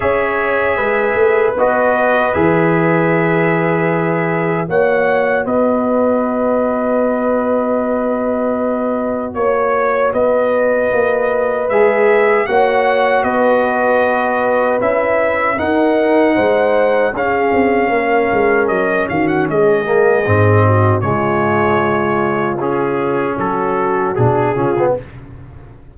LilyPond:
<<
  \new Staff \with { instrumentName = "trumpet" } { \time 4/4 \tempo 4 = 77 e''2 dis''4 e''4~ | e''2 fis''4 dis''4~ | dis''1 | cis''4 dis''2 e''4 |
fis''4 dis''2 e''4 | fis''2 f''2 | dis''8 f''16 fis''16 dis''2 cis''4~ | cis''4 gis'4 a'4 gis'4 | }
  \new Staff \with { instrumentName = "horn" } { \time 4/4 cis''4 b'2.~ | b'2 cis''4 b'4~ | b'1 | cis''4 b'2. |
cis''4 b'2. | ais'4 c''4 gis'4 ais'4~ | ais'8 fis'8 gis'4. fis'8 f'4~ | f'2 fis'4. f'8 | }
  \new Staff \with { instrumentName = "trombone" } { \time 4/4 gis'2 fis'4 gis'4~ | gis'2 fis'2~ | fis'1~ | fis'2. gis'4 |
fis'2. e'4 | dis'2 cis'2~ | cis'4. ais8 c'4 gis4~ | gis4 cis'2 d'8 cis'16 b16 | }
  \new Staff \with { instrumentName = "tuba" } { \time 4/4 cis'4 gis8 a8 b4 e4~ | e2 ais4 b4~ | b1 | ais4 b4 ais4 gis4 |
ais4 b2 cis'4 | dis'4 gis4 cis'8 c'8 ais8 gis8 | fis8 dis8 gis4 gis,4 cis4~ | cis2 fis4 b,8 cis8 | }
>>